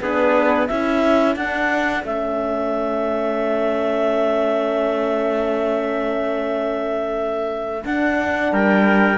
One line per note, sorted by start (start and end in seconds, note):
0.00 0.69 B3
0.00 0.69 D4
0.00 0.69 G#4
0.00 0.67 B4
0.67 1.35 C#4
0.67 1.36 E4
0.67 8.52 A4
0.67 1.35 E5
1.35 2.04 D4
1.35 2.04 F#5
2.04 7.83 A3
2.04 7.83 C#4
2.04 7.85 E5
7.84 9.18 D4
7.84 8.52 D4
7.84 8.53 F#5
8.52 9.18 G3
8.52 9.18 A#4
8.52 9.18 G5